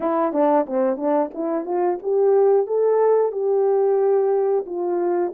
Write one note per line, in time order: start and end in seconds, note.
0.00 0.32 E4
0.32 0.65 D4
0.66 0.97 C4
0.97 1.30 D4
1.34 1.65 E4
1.65 1.98 F4
2.02 2.66 G4
2.66 3.32 A4
3.32 4.65 G4
4.65 5.32 F4